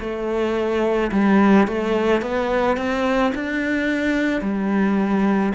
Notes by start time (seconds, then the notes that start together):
0.00 A3
1.12 G3
1.67 A3
2.22 B3
2.77 C4
3.35 D4
4.41 G3